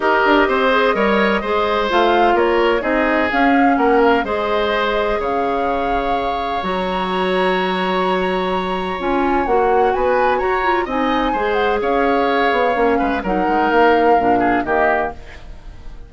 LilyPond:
<<
  \new Staff \with { instrumentName = "flute" } { \time 4/4 \tempo 4 = 127 dis''1 | f''4 cis''4 dis''4 f''4 | fis''8 f''8 dis''2 f''4~ | f''2 ais''2~ |
ais''2. gis''4 | fis''4 gis''4 ais''4 gis''4~ | gis''8 fis''8 f''2. | fis''4 f''2 dis''4 | }
  \new Staff \with { instrumentName = "oboe" } { \time 4/4 ais'4 c''4 cis''4 c''4~ | c''4 ais'4 gis'2 | ais'4 c''2 cis''4~ | cis''1~ |
cis''1~ | cis''4 b'4 cis''4 dis''4 | c''4 cis''2~ cis''8 b'8 | ais'2~ ais'8 gis'8 g'4 | }
  \new Staff \with { instrumentName = "clarinet" } { \time 4/4 g'4. gis'8 ais'4 gis'4 | f'2 dis'4 cis'4~ | cis'4 gis'2.~ | gis'2 fis'2~ |
fis'2. f'4 | fis'2~ fis'8 f'8 dis'4 | gis'2. cis'4 | dis'2 d'4 ais4 | }
  \new Staff \with { instrumentName = "bassoon" } { \time 4/4 dis'8 d'8 c'4 g4 gis4 | a4 ais4 c'4 cis'4 | ais4 gis2 cis4~ | cis2 fis2~ |
fis2. cis'4 | ais4 b4 fis'4 c'4 | gis4 cis'4. b8 ais8 gis8 | fis8 gis8 ais4 ais,4 dis4 | }
>>